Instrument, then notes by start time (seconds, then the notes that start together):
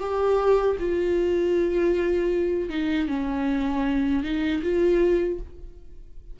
viola
0.00 G4
0.80 F4
2.70 D#4
3.08 C#4
4.23 D#4
4.63 F4